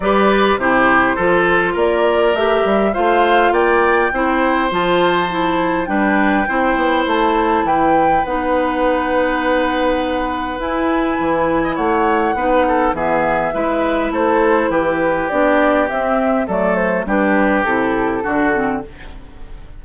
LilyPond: <<
  \new Staff \with { instrumentName = "flute" } { \time 4/4 \tempo 4 = 102 d''4 c''2 d''4 | e''4 f''4 g''2 | a''2 g''2 | a''4 g''4 fis''2~ |
fis''2 gis''2 | fis''2 e''2 | c''4 b'4 d''4 e''4 | d''8 c''8 b'4 a'2 | }
  \new Staff \with { instrumentName = "oboe" } { \time 4/4 b'4 g'4 a'4 ais'4~ | ais'4 c''4 d''4 c''4~ | c''2 b'4 c''4~ | c''4 b'2.~ |
b'2.~ b'8. dis''16 | cis''4 b'8 a'8 gis'4 b'4 | a'4 g'2. | a'4 g'2 fis'4 | }
  \new Staff \with { instrumentName = "clarinet" } { \time 4/4 g'4 e'4 f'2 | g'4 f'2 e'4 | f'4 e'4 d'4 e'4~ | e'2 dis'2~ |
dis'2 e'2~ | e'4 dis'4 b4 e'4~ | e'2 d'4 c'4 | a4 d'4 e'4 d'8 c'8 | }
  \new Staff \with { instrumentName = "bassoon" } { \time 4/4 g4 c4 f4 ais4 | a8 g8 a4 ais4 c'4 | f2 g4 c'8 b8 | a4 e4 b2~ |
b2 e'4 e4 | a4 b4 e4 gis4 | a4 e4 b4 c'4 | fis4 g4 c4 d4 | }
>>